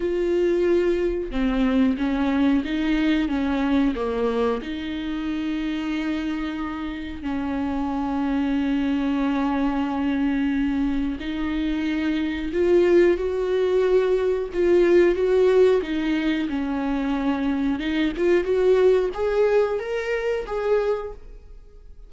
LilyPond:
\new Staff \with { instrumentName = "viola" } { \time 4/4 \tempo 4 = 91 f'2 c'4 cis'4 | dis'4 cis'4 ais4 dis'4~ | dis'2. cis'4~ | cis'1~ |
cis'4 dis'2 f'4 | fis'2 f'4 fis'4 | dis'4 cis'2 dis'8 f'8 | fis'4 gis'4 ais'4 gis'4 | }